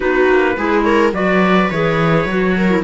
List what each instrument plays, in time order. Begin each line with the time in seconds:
0.00 cello B3, clarinet D#4, viola F#4, trumpet B4
0.28 cello A#3
0.56 cello G#3, clarinet E4, viola G#4
0.83 viola A#4, trumpet C#5
1.12 cello F#3, clarinet F#4, viola B4, trumpet D5
1.70 cello E3, clarinet G#4, trumpet C#5
2.25 cello F#3, clarinet F#4
2.56 viola A#4
2.69 clarinet E4